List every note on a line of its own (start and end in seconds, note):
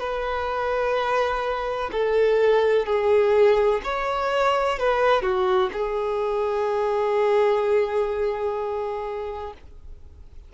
0.00 1.90 B4
1.92 2.87 A4
2.87 3.82 G#4
3.84 4.79 C#5
4.79 5.23 B4
5.23 5.70 F#4
5.73 9.54 G#4